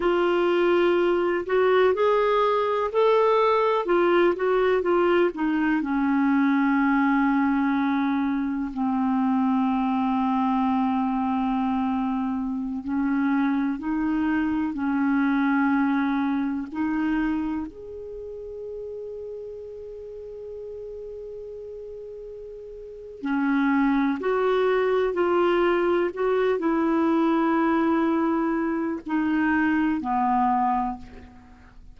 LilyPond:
\new Staff \with { instrumentName = "clarinet" } { \time 4/4 \tempo 4 = 62 f'4. fis'8 gis'4 a'4 | f'8 fis'8 f'8 dis'8 cis'2~ | cis'4 c'2.~ | c'4~ c'16 cis'4 dis'4 cis'8.~ |
cis'4~ cis'16 dis'4 gis'4.~ gis'16~ | gis'1 | cis'4 fis'4 f'4 fis'8 e'8~ | e'2 dis'4 b4 | }